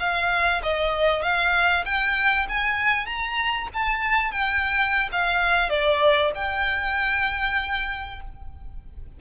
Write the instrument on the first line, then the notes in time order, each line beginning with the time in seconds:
violin
0.00 F5
0.63 D#5
1.23 F5
1.86 G5
2.49 G#5
3.06 A#5
3.74 A5
4.32 G5
5.13 F5
5.70 D5
6.35 G5